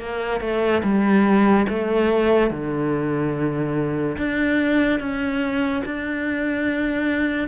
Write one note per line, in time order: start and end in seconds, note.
0.00 0.41 A#3
0.41 0.82 A3
0.84 1.67 G3
1.69 2.51 A3
2.51 4.17 D3
4.18 5.00 D4
5.00 5.83 C#4
5.86 7.48 D4